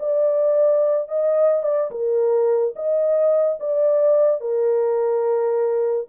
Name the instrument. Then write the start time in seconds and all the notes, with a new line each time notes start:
horn
0.00 D5
1.09 D#5
1.63 D5
1.91 A#4
2.76 D#5
3.60 D5
4.41 A#4